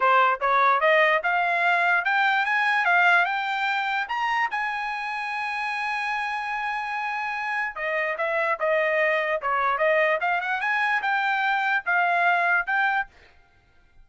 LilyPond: \new Staff \with { instrumentName = "trumpet" } { \time 4/4 \tempo 4 = 147 c''4 cis''4 dis''4 f''4~ | f''4 g''4 gis''4 f''4 | g''2 ais''4 gis''4~ | gis''1~ |
gis''2. dis''4 | e''4 dis''2 cis''4 | dis''4 f''8 fis''8 gis''4 g''4~ | g''4 f''2 g''4 | }